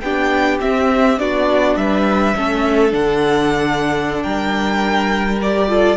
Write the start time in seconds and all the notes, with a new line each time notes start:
0.00 B3 D4 G4 G5
0.60 C4 E5
1.19 B3 D4 F#4 D5
1.76 G3 B4 E5
2.36 A3 C#4 A4
2.91 D3 D4 F#5
4.23 G3 A#4 G5
5.42 G4 D5
5.69 F4 A4